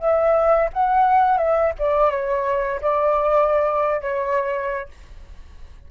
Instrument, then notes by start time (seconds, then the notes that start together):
flute
0.00 E5
0.74 F#5
1.38 E5
1.79 D5
2.11 C#5
2.82 D5
4.02 C#5